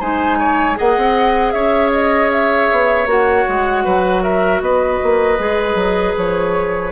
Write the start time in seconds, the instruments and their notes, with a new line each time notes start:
0.00 bassoon G#3, clarinet D#4, oboe C5, flute G#5
0.39 oboe C#5
0.75 bassoon A#3, clarinet G#4, oboe D#5, flute F#5
0.97 bassoon C4
1.52 bassoon C#4, oboe C#5, flute E5
1.92 flute D#5
2.32 flute E5
2.71 bassoon B3
3.06 bassoon A#3, clarinet F#4, flute F#5
3.49 bassoon G#3
3.84 bassoon F#3, oboe B4
4.23 oboe A#4, flute E5
4.61 bassoon B3, oboe B4, flute D#5
5.03 bassoon A#3
5.39 bassoon G#3, clarinet G#4
5.75 bassoon F#3
6.17 bassoon F3, flute C#5